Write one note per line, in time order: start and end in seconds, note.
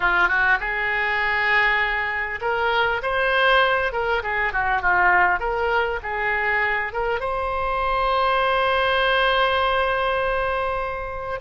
0.00 0.28 F4
0.28 0.58 F#4
0.60 2.40 G#4
2.41 3.01 A#4
3.02 3.92 C5
3.92 4.22 A#4
4.22 4.52 G#4
4.52 4.81 F#4
4.81 5.39 F4
5.39 5.99 A#4
6.02 6.92 G#4
6.92 7.20 A#4
7.20 11.40 C5